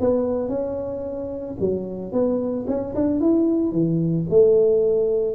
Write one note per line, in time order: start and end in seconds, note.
0.00 0.48 B3
0.48 1.55 C#4
1.59 2.12 F#3
2.12 2.66 B3
2.67 2.94 C#4
2.95 3.20 D4
3.20 3.72 E4
3.72 4.25 E3
4.29 5.35 A3